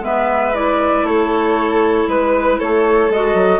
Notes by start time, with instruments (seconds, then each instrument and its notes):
0.00 bassoon G#3, clarinet B3, violin B4, flute E5
0.54 clarinet E4, flute D5
1.03 bassoon A3, violin A4, flute C#5
2.07 bassoon G#3, violin B4, flute B4
2.59 bassoon A3, violin A4, flute C#5
3.10 bassoon G#3, clarinet F#4, flute D#5
3.34 bassoon F#3